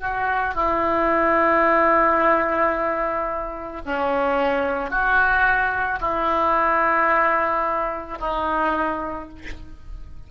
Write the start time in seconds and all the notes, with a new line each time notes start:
0.00 F#4
0.55 E4
3.86 C#4
4.90 F#4
6.00 E4
8.20 D#4